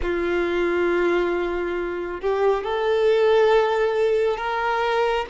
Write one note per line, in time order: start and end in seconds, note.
0.02 2.21 F4
2.21 2.63 G4
2.63 4.37 A4
4.37 5.25 A#4